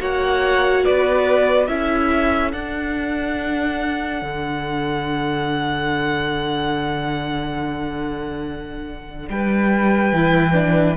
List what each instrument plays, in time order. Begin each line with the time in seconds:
0.00 cello A#3, viola F#4, violin C#5 F#5
0.85 cello B3, violin B4 D5
1.67 cello C#4, viola E4, violin A4 E5
2.53 viola D4, cello D4, violin F#5
4.22 cello D3
9.30 cello G3, violin B4 G5
10.13 cello E3, viola E4
10.54 viola D4